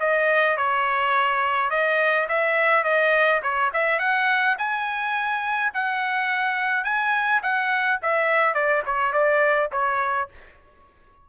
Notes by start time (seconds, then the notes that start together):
0.00 D#5
0.57 C#5
1.70 D#5
2.29 E5
2.84 D#5
3.43 C#5
3.74 E5
3.99 F#5
4.58 G#5
5.74 F#5
6.84 G#5
7.43 F#5
8.02 E5
8.54 D5
8.86 C#5
9.12 D5
9.72 C#5